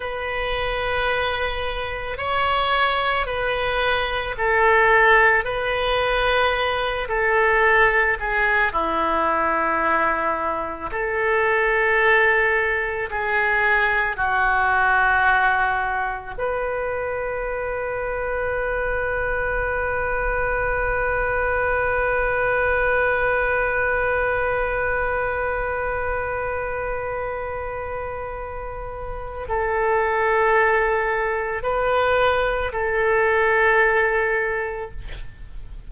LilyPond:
\new Staff \with { instrumentName = "oboe" } { \time 4/4 \tempo 4 = 55 b'2 cis''4 b'4 | a'4 b'4. a'4 gis'8 | e'2 a'2 | gis'4 fis'2 b'4~ |
b'1~ | b'1~ | b'2. a'4~ | a'4 b'4 a'2 | }